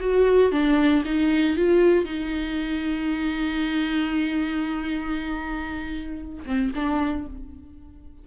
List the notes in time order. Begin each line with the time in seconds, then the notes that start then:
0.00 F#4
0.52 D4
1.05 D#4
1.57 F4
2.05 D#4
6.45 C4
6.75 D4